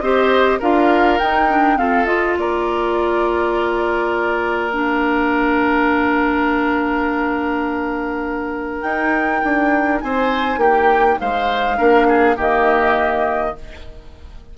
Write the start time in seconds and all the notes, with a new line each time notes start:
0.00 C4 G4 C5 D#5
0.59 D4 F4 A#4 F5
1.19 D#4 G5
1.50 D4
1.76 C4 F4 A4 F5
2.06 F4 D#5
2.37 A#3 A#4 D5
4.73 D4 F5
8.81 D#4 G5
9.44 D4
10.01 C4 C5 G#5
10.57 A#3 G4 G5
11.20 G#3 C5 F5
11.77 A#3 D4 A#4
12.08 G#4
12.36 D#3 A#3 G4 D#5